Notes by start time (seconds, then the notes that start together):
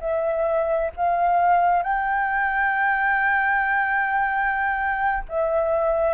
0.00 E5
0.96 F5
1.83 G5
5.29 E5